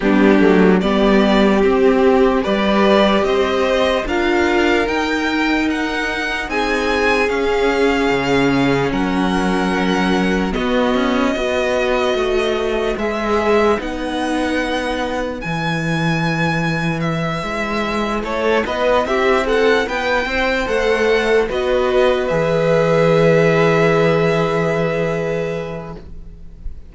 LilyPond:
<<
  \new Staff \with { instrumentName = "violin" } { \time 4/4 \tempo 4 = 74 g'4 d''4 g'4 d''4 | dis''4 f''4 g''4 fis''4 | gis''4 f''2 fis''4~ | fis''4 dis''2. |
e''4 fis''2 gis''4~ | gis''4 e''4. cis''8 dis''8 e''8 | fis''8 g''4 fis''4 dis''4 e''8~ | e''1 | }
  \new Staff \with { instrumentName = "violin" } { \time 4/4 d'4 g'2 b'4 | c''4 ais'2. | gis'2. ais'4~ | ais'4 fis'4 b'2~ |
b'1~ | b'2~ b'8 a'8 b'8 g'8 | a'8 b'8 c''4. b'4.~ | b'1 | }
  \new Staff \with { instrumentName = "viola" } { \time 4/4 b8 a8 b4 c'4 g'4~ | g'4 f'4 dis'2~ | dis'4 cis'2.~ | cis'4 b4 fis'2 |
gis'4 dis'2 e'4~ | e'1~ | e'4. a'4 fis'4 gis'8~ | gis'1 | }
  \new Staff \with { instrumentName = "cello" } { \time 4/4 g8 fis8 g4 c'4 g4 | c'4 d'4 dis'2 | c'4 cis'4 cis4 fis4~ | fis4 b8 cis'8 b4 a4 |
gis4 b2 e4~ | e4. gis4 a8 b8 c'8~ | c'8 b8 c'8 a4 b4 e8~ | e1 | }
>>